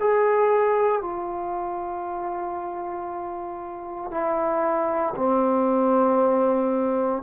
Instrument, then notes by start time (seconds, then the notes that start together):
trombone
0.00 G#4
1.02 F4
4.11 E4
5.16 C4